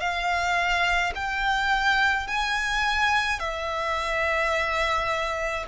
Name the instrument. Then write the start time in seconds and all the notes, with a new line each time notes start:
violin
0.00 F5
1.15 G5
2.27 G#5
3.40 E5